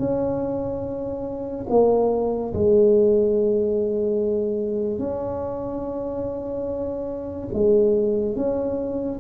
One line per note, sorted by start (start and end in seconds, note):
0.00 1.67 C#4
1.70 2.54 A#3
2.54 4.99 G#3
4.99 7.49 C#4
7.54 8.36 G#3
8.36 9.20 C#4